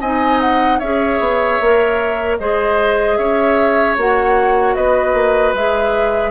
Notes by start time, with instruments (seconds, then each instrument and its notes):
0.00 bassoon C4, clarinet D#4, oboe D#5, flute G#5
0.40 flute F#5
0.78 bassoon C#4, clarinet G#4, oboe C#5, flute E5
1.19 bassoon B3
1.60 bassoon A#3, clarinet A#4
2.38 bassoon G#3, clarinet G#4, oboe C5, flute D#5
3.16 bassoon C#4, oboe C#5, flute E5
3.97 bassoon A#3, clarinet F#4, flute F#5
4.75 bassoon B3, oboe B4, flute D#5
5.13 bassoon A#3
5.53 bassoon G#3, clarinet G#4, flute E5